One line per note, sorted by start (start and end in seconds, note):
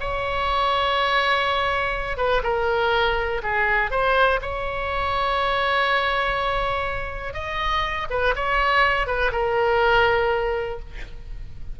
0.00 2.17 C#5
2.17 2.42 B4
2.43 3.42 A#4
3.43 3.91 G#4
3.91 4.40 C5
4.42 7.33 C#5
7.33 8.07 D#5
8.10 8.35 B4
8.36 9.07 C#5
9.07 9.31 B4
9.32 10.80 A#4